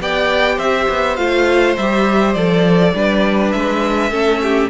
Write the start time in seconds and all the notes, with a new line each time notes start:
0.00 B3 G4 D5 G5
0.55 C4 C5 E5
0.89 B3
1.16 A3 F4 F5
1.77 G3 G4 E5
2.34 F3 A4 D5
2.94 G3 D4 B4
3.51 G#3 E5
4.10 A3 C#4 A4
4.42 G4